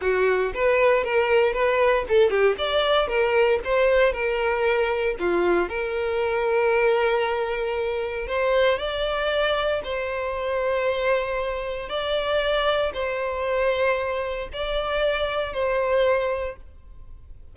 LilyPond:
\new Staff \with { instrumentName = "violin" } { \time 4/4 \tempo 4 = 116 fis'4 b'4 ais'4 b'4 | a'8 g'8 d''4 ais'4 c''4 | ais'2 f'4 ais'4~ | ais'1 |
c''4 d''2 c''4~ | c''2. d''4~ | d''4 c''2. | d''2 c''2 | }